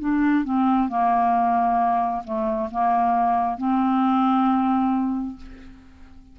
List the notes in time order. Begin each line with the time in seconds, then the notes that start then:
0.00 D4
0.44 C4
0.89 A#3
2.24 A3
2.71 A#3
3.58 C4